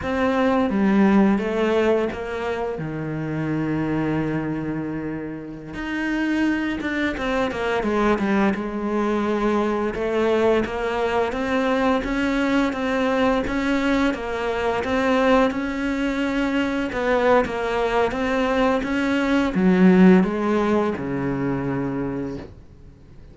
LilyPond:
\new Staff \with { instrumentName = "cello" } { \time 4/4 \tempo 4 = 86 c'4 g4 a4 ais4 | dis1~ | dis16 dis'4. d'8 c'8 ais8 gis8 g16~ | g16 gis2 a4 ais8.~ |
ais16 c'4 cis'4 c'4 cis'8.~ | cis'16 ais4 c'4 cis'4.~ cis'16~ | cis'16 b8. ais4 c'4 cis'4 | fis4 gis4 cis2 | }